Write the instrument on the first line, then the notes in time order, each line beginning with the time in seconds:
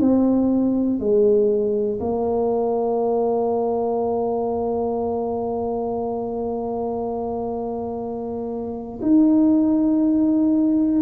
tuba
0.00 C4
0.99 G#3
2.00 A#3
9.01 D#4